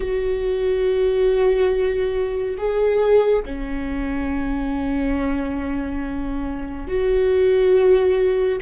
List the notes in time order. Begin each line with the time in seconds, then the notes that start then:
0.00 F#4
2.57 G#4
3.45 C#4
6.87 F#4